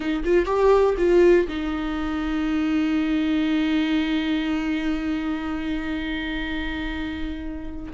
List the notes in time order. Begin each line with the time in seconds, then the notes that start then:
0.00 D#4
0.24 F4
0.45 G4
0.97 F4
1.48 D#4